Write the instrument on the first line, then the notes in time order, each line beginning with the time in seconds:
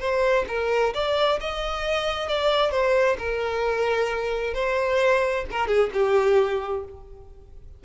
violin
0.00 C5
0.48 A#4
0.94 D5
1.41 D#5
2.29 D5
2.71 C5
3.19 A#4
4.54 C5
5.51 A#4
5.67 G#4
5.93 G4